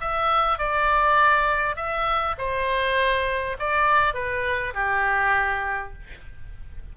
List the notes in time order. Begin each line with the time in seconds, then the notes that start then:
0.00 E5
0.58 D5
1.76 E5
2.37 C5
3.59 D5
4.14 B4
4.74 G4